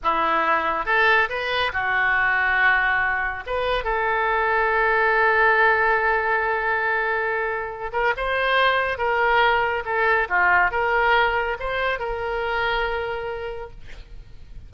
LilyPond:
\new Staff \with { instrumentName = "oboe" } { \time 4/4 \tempo 4 = 140 e'2 a'4 b'4 | fis'1 | b'4 a'2.~ | a'1~ |
a'2~ a'8 ais'8 c''4~ | c''4 ais'2 a'4 | f'4 ais'2 c''4 | ais'1 | }